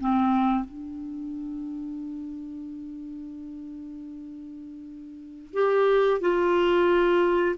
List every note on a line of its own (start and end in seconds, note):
0.00 0.64 C4
0.64 5.53 D4
5.53 6.20 G4
6.20 7.55 F4